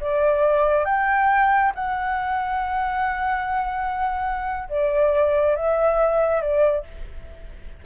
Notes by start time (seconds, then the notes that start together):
0.00 D5
0.85 G5
1.75 F#5
4.69 D5
5.56 E5
6.41 D5